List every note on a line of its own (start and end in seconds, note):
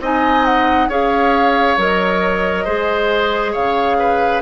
0.00 0.88 C4
0.00 0.90 D#4
0.00 0.89 D#5
0.00 0.45 G#5
0.45 0.90 F#5
0.88 1.77 C#4
0.88 1.78 G#4
0.88 2.64 C#5
0.88 1.80 F5
1.78 2.66 F#3
1.78 2.66 A#4
1.78 3.54 D#5
2.64 3.55 G#3
2.64 4.42 G#4
2.64 3.52 C5
3.52 4.42 C#3
3.52 3.96 C#5
3.52 4.42 F5
3.99 4.42 B4